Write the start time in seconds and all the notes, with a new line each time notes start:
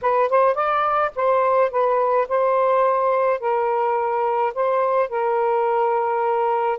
0.01 B4
0.29 C5
0.54 D5
1.15 C5
1.70 B4
2.28 C5
3.40 A#4
4.54 C5
5.09 A#4